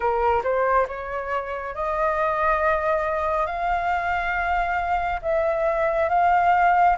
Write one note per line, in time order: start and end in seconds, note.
0.00 0.42 A#4
0.43 0.87 C5
0.87 1.74 C#5
1.74 3.46 D#5
3.46 5.20 F5
5.22 6.09 E5
6.09 6.96 F5